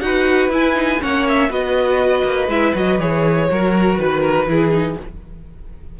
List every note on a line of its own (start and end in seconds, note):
0.00 0.49 D#4
0.00 0.50 F#4
0.00 1.02 B4
0.00 0.50 F#5
0.49 0.98 E4
0.49 0.74 E4
0.49 1.02 G#5
0.74 0.99 D#4
1.01 1.49 A#3
1.01 1.49 C#4
1.01 1.49 C#5
1.01 1.27 F#5
1.28 1.52 E5
1.49 2.23 B3
1.49 2.49 F#4
1.49 3.47 B4
1.49 2.50 D#5
2.24 2.48 A#3
2.48 2.73 G#3
2.48 2.75 E4
2.48 2.75 E5
2.75 2.99 F#3
2.75 2.99 F#4
2.75 3.00 D#5
2.99 3.49 E3
2.99 3.49 G#4
2.99 3.96 C#5
3.49 3.98 F#3
3.49 4.47 F#4
3.49 4.01 A#4
3.96 4.47 D#3
3.96 4.95 B4
3.96 4.21 B4
4.21 4.45 A#4
4.47 4.96 E3
4.47 4.71 E4
4.47 4.99 G#4
4.71 4.96 D#4